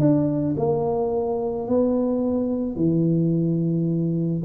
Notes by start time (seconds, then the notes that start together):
0.00 D4
0.57 A#3
1.68 B3
2.76 E3